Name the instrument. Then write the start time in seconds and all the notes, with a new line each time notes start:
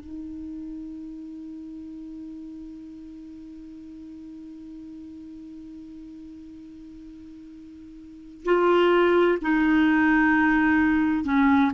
clarinet
0.00 D#4
8.45 F4
9.41 D#4
11.24 C#4